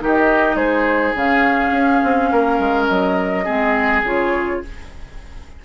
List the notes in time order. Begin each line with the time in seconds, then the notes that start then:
0.00 D#3 D#4 G4 D#5
0.55 G#3 G#4 C5
1.15 C#3 C#4 F5
1.72 C#4
2.04 C4
2.32 A#3 A#4
2.59 G#3
2.87 F#3 D#5
3.45 G#3 C4 G#4
4.04 C#3 F4 C#5